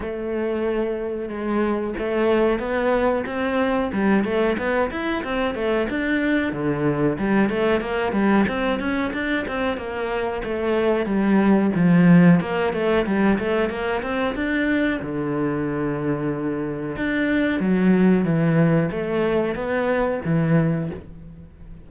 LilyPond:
\new Staff \with { instrumentName = "cello" } { \time 4/4 \tempo 4 = 92 a2 gis4 a4 | b4 c'4 g8 a8 b8 e'8 | c'8 a8 d'4 d4 g8 a8 | ais8 g8 c'8 cis'8 d'8 c'8 ais4 |
a4 g4 f4 ais8 a8 | g8 a8 ais8 c'8 d'4 d4~ | d2 d'4 fis4 | e4 a4 b4 e4 | }